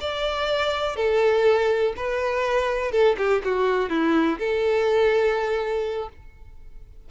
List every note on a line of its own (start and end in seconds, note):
0.00 0.96 D5
0.96 1.93 A4
1.96 2.91 B4
2.91 3.16 A4
3.18 3.42 G4
3.44 3.89 F#4
3.89 4.38 E4
4.38 6.09 A4